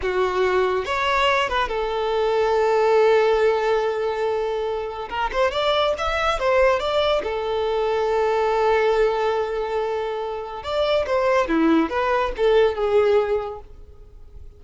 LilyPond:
\new Staff \with { instrumentName = "violin" } { \time 4/4 \tempo 4 = 141 fis'2 cis''4. b'8 | a'1~ | a'1 | ais'8 c''8 d''4 e''4 c''4 |
d''4 a'2.~ | a'1~ | a'4 d''4 c''4 e'4 | b'4 a'4 gis'2 | }